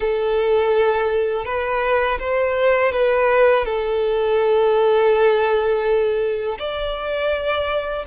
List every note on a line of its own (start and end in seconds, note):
0.00 1.45 A4
1.45 2.18 B4
2.19 2.92 C5
2.92 3.65 B4
3.65 6.58 A4
6.59 8.05 D5